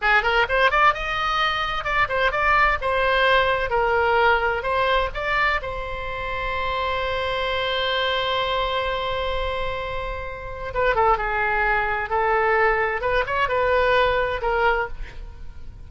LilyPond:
\new Staff \with { instrumentName = "oboe" } { \time 4/4 \tempo 4 = 129 gis'8 ais'8 c''8 d''8 dis''2 | d''8 c''8 d''4 c''2 | ais'2 c''4 d''4 | c''1~ |
c''1~ | c''2. b'8 a'8 | gis'2 a'2 | b'8 cis''8 b'2 ais'4 | }